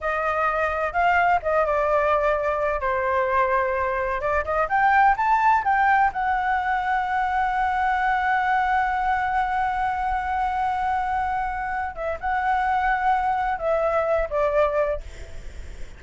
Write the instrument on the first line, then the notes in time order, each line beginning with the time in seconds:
flute
0.00 D#5
0.92 F5
1.42 D#5
1.65 D5
2.80 C5
4.21 D5
4.44 D#5
4.68 G5
5.16 A5
5.64 G5
6.13 F#5
11.95 E5
12.20 F#5
13.58 E5
14.30 D5